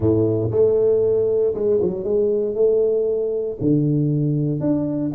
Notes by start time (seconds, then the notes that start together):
0.00 A2
0.51 A3
1.54 G#3
1.81 F#3
2.04 G#3
2.55 A3
3.60 D3
4.60 D4